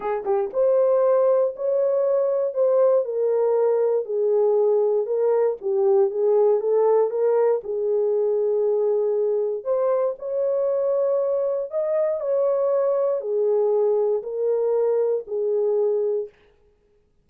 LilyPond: \new Staff \with { instrumentName = "horn" } { \time 4/4 \tempo 4 = 118 gis'8 g'8 c''2 cis''4~ | cis''4 c''4 ais'2 | gis'2 ais'4 g'4 | gis'4 a'4 ais'4 gis'4~ |
gis'2. c''4 | cis''2. dis''4 | cis''2 gis'2 | ais'2 gis'2 | }